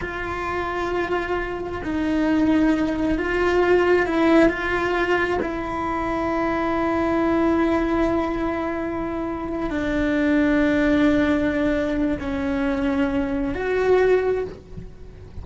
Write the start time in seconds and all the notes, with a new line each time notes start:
0.01 F4
1.83 D#4
3.18 F4
4.06 E4
4.48 F4
5.41 E4
9.70 D4
12.19 C#4
13.54 F#4